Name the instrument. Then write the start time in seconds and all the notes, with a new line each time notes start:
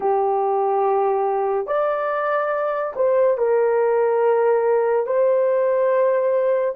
horn
0.00 G4
1.66 D5
2.95 C5
3.37 A#4
5.06 C5